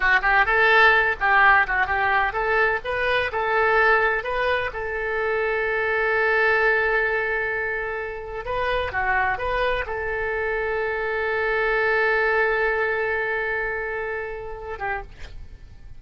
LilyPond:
\new Staff \with { instrumentName = "oboe" } { \time 4/4 \tempo 4 = 128 fis'8 g'8 a'4. g'4 fis'8 | g'4 a'4 b'4 a'4~ | a'4 b'4 a'2~ | a'1~ |
a'2 b'4 fis'4 | b'4 a'2.~ | a'1~ | a'2.~ a'8 g'8 | }